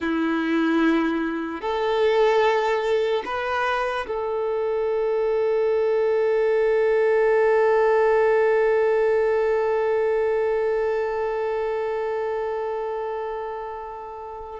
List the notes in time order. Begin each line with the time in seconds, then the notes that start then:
0.00 E4
1.61 A4
3.25 B4
4.07 A4